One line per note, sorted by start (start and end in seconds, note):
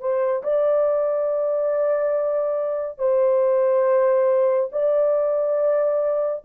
0.00 0.43 C5
0.43 2.98 D5
2.98 4.70 C5
4.72 6.44 D5